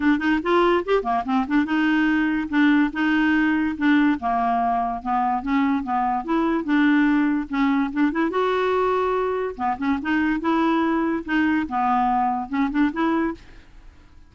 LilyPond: \new Staff \with { instrumentName = "clarinet" } { \time 4/4 \tempo 4 = 144 d'8 dis'8 f'4 g'8 ais8 c'8 d'8 | dis'2 d'4 dis'4~ | dis'4 d'4 ais2 | b4 cis'4 b4 e'4 |
d'2 cis'4 d'8 e'8 | fis'2. b8 cis'8 | dis'4 e'2 dis'4 | b2 cis'8 d'8 e'4 | }